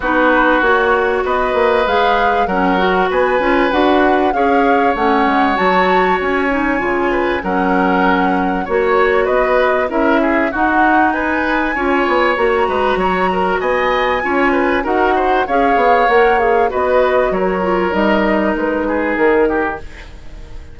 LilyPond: <<
  \new Staff \with { instrumentName = "flute" } { \time 4/4 \tempo 4 = 97 b'4 cis''4 dis''4 f''4 | fis''4 gis''4 fis''4 f''4 | fis''4 a''4 gis''2 | fis''2 cis''4 dis''4 |
e''4 fis''4 gis''2 | ais''2 gis''2 | fis''4 f''4 fis''8 f''8 dis''4 | cis''4 dis''4 b'4 ais'4 | }
  \new Staff \with { instrumentName = "oboe" } { \time 4/4 fis'2 b'2 | ais'4 b'2 cis''4~ | cis''2.~ cis''8 b'8 | ais'2 cis''4 b'4 |
ais'8 gis'8 fis'4 b'4 cis''4~ | cis''8 b'8 cis''8 ais'8 dis''4 cis''8 b'8 | ais'8 c''8 cis''2 b'4 | ais'2~ ais'8 gis'4 g'8 | }
  \new Staff \with { instrumentName = "clarinet" } { \time 4/4 dis'4 fis'2 gis'4 | cis'8 fis'4 f'8 fis'4 gis'4 | cis'4 fis'4. dis'8 f'4 | cis'2 fis'2 |
e'4 dis'2 f'4 | fis'2. f'4 | fis'4 gis'4 ais'8 gis'8 fis'4~ | fis'8 f'8 dis'2. | }
  \new Staff \with { instrumentName = "bassoon" } { \time 4/4 b4 ais4 b8 ais8 gis4 | fis4 b8 cis'8 d'4 cis'4 | a8 gis8 fis4 cis'4 cis4 | fis2 ais4 b4 |
cis'4 dis'2 cis'8 b8 | ais8 gis8 fis4 b4 cis'4 | dis'4 cis'8 b8 ais4 b4 | fis4 g4 gis4 dis4 | }
>>